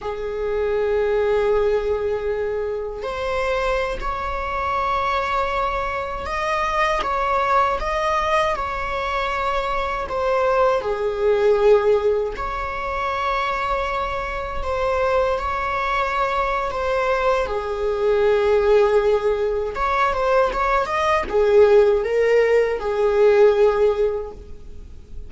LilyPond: \new Staff \with { instrumentName = "viola" } { \time 4/4 \tempo 4 = 79 gis'1 | c''4~ c''16 cis''2~ cis''8.~ | cis''16 dis''4 cis''4 dis''4 cis''8.~ | cis''4~ cis''16 c''4 gis'4.~ gis'16~ |
gis'16 cis''2. c''8.~ | c''16 cis''4.~ cis''16 c''4 gis'4~ | gis'2 cis''8 c''8 cis''8 dis''8 | gis'4 ais'4 gis'2 | }